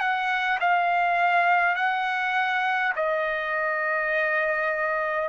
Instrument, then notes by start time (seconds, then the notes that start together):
trumpet
0.00 F#5
0.61 F5
1.76 F#5
2.96 D#5